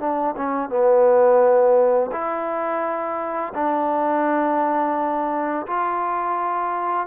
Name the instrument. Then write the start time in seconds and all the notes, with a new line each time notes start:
trombone
0.00 D4
0.37 C#4
0.70 B3
2.12 E4
3.55 D4
5.67 F4